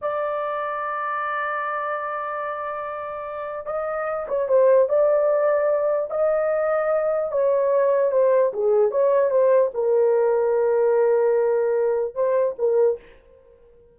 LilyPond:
\new Staff \with { instrumentName = "horn" } { \time 4/4 \tempo 4 = 148 d''1~ | d''1~ | d''4 dis''4. cis''8 c''4 | d''2. dis''4~ |
dis''2 cis''2 | c''4 gis'4 cis''4 c''4 | ais'1~ | ais'2 c''4 ais'4 | }